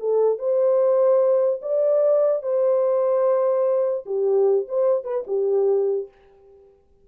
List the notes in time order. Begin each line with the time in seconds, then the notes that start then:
0.00 A4
0.39 C5
1.62 D5
2.43 C5
4.06 G4
4.69 C5
5.04 B4
5.27 G4